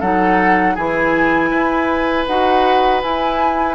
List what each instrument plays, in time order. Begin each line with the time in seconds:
0.00 bassoon F#3, clarinet D#4, oboe A4, flute F#5
0.74 bassoon E3, clarinet E4, oboe G#4, flute G#5
1.50 bassoon E4, oboe B4
2.26 bassoon D#4, clarinet F#4, flute F#5
3.02 clarinet E4, bassoon E4, flute G#5